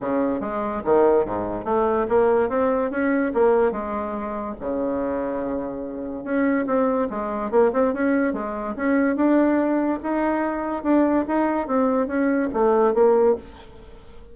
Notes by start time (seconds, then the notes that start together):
0.01 C#3
0.40 G#3
0.84 D#3
1.25 G#2
1.64 A3
2.08 A#3
2.49 C4
2.90 C#4
3.34 A#3
3.71 G#3
4.59 C#3
6.24 C#4
6.66 C4
7.10 G#3
7.50 A#3
7.73 C4
7.93 C#4
8.33 G#3
8.76 C#4
9.16 D4
10.02 D#4
10.83 D4
11.27 D#4
11.67 C4
12.07 C#4
12.53 A3
12.94 A#3